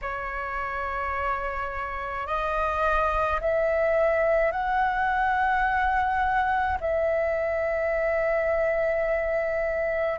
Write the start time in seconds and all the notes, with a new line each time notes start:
0.01 C#5
2.26 D#5
3.40 E5
4.51 F#5
6.80 E5